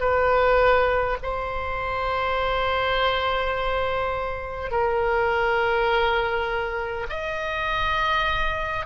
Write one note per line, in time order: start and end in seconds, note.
0.00 1.18 B4
1.23 4.72 C5
4.72 7.07 A#4
7.10 8.86 D#5